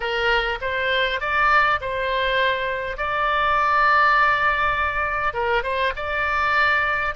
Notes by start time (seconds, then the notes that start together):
0.00 A#4
0.61 C5
1.20 D5
1.80 C5
2.97 D5
5.33 A#4
5.63 C5
5.95 D5